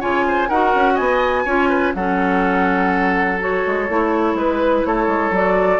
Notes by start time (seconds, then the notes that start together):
0.00 C#3 F4 C#5 G#5
0.28 C5
0.48 D#4 F#4 A#4 F#5
0.75 C#4
0.94 B3 D#5 G#5
1.45 C#4 F4 C#5
1.69 B4
1.94 F#3 C#4 A4 F#5
3.39 F#4 C#5
3.66 G#3
3.89 A3 E4
4.34 G#3 B4
4.85 A3 A4 C#5
5.07 G#3
5.30 F#3 F#4 D5